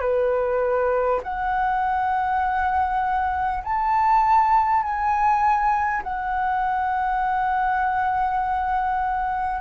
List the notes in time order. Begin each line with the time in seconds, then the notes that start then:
0.00 B4
1.23 F#5
3.63 A5
4.82 G#5
6.03 F#5